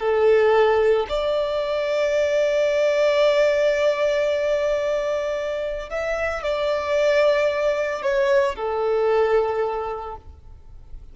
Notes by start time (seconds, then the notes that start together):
0.00 A4
1.10 D5
5.90 E5
6.43 D5
8.03 C#5
8.56 A4